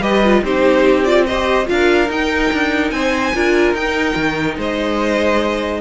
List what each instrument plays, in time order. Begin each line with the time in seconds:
0.00 cello G3, viola G4, violin B4 D#5
0.24 viola F4
0.42 cello C4, viola D#4, violin G4 C5
1.04 viola F4, violin D5
1.26 viola G4, violin C5 D#5
1.65 cello D4, viola F4, violin F5
1.73 violin A#4
2.09 cello D#4, viola D#4, violin G5
2.52 cello D4
2.90 cello C4, violin C5 G#5
3.34 cello D4, viola F4, violin A#4
3.73 cello D#4, viola D#4, violin G5
4.15 cello D#3
4.57 cello G#3, violin C5 D#5